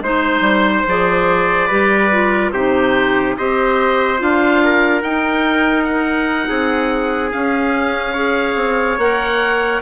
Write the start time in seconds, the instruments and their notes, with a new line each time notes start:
0.00 bassoon G#3, clarinet D#4, trumpet C5, oboe C5
0.40 bassoon G3
0.87 bassoon F3, clarinet G#4, oboe D5
1.67 bassoon G3, clarinet G4, trumpet B4
2.11 clarinet F4
2.51 bassoon C3, clarinet D#4, trumpet G4, oboe C5
3.37 bassoon C4, clarinet G4, trumpet C5, oboe D#5
4.17 bassoon D4, clarinet F4, oboe F5
4.64 trumpet A#4
5.02 bassoon D#4, clarinet D#4, oboe G5
5.84 oboe F#5
6.48 bassoon C4, trumpet G#4
7.32 clarinet C#4, bassoon C#4, oboe F5
8.13 clarinet G#4, trumpet C#5
8.55 bassoon C4
8.98 bassoon A#3, clarinet A#4, oboe F#5